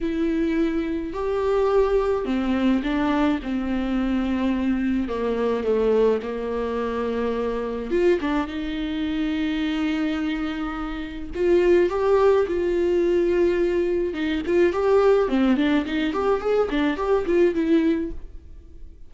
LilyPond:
\new Staff \with { instrumentName = "viola" } { \time 4/4 \tempo 4 = 106 e'2 g'2 | c'4 d'4 c'2~ | c'4 ais4 a4 ais4~ | ais2 f'8 d'8 dis'4~ |
dis'1 | f'4 g'4 f'2~ | f'4 dis'8 f'8 g'4 c'8 d'8 | dis'8 g'8 gis'8 d'8 g'8 f'8 e'4 | }